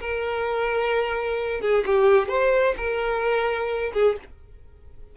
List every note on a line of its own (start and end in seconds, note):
0.00 1.61 A#4
1.61 1.84 G#4
1.86 2.28 G4
2.28 2.74 C5
2.77 3.92 A#4
3.93 4.16 G#4